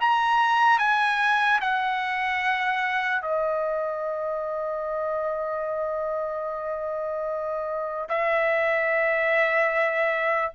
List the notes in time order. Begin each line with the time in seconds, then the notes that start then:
0.00 A#5
0.79 G#5
1.61 F#5
3.21 D#5
8.09 E5